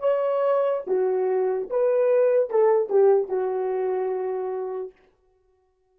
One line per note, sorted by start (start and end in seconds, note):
0.00 0.82 C#5
0.87 1.70 F#4
1.70 2.50 B4
2.50 2.90 A4
2.90 3.28 G4
3.28 4.93 F#4